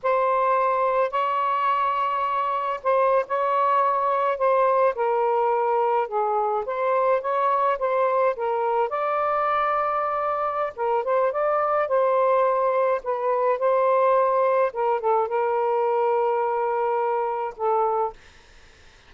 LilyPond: \new Staff \with { instrumentName = "saxophone" } { \time 4/4 \tempo 4 = 106 c''2 cis''2~ | cis''4 c''8. cis''2 c''16~ | c''8. ais'2 gis'4 c''16~ | c''8. cis''4 c''4 ais'4 d''16~ |
d''2. ais'8 c''8 | d''4 c''2 b'4 | c''2 ais'8 a'8 ais'4~ | ais'2. a'4 | }